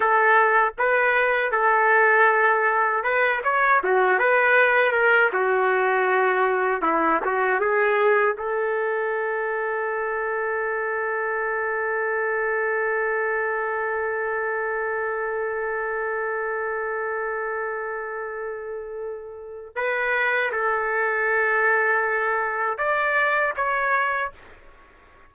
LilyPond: \new Staff \with { instrumentName = "trumpet" } { \time 4/4 \tempo 4 = 79 a'4 b'4 a'2 | b'8 cis''8 fis'8 b'4 ais'8 fis'4~ | fis'4 e'8 fis'8 gis'4 a'4~ | a'1~ |
a'1~ | a'1~ | a'2 b'4 a'4~ | a'2 d''4 cis''4 | }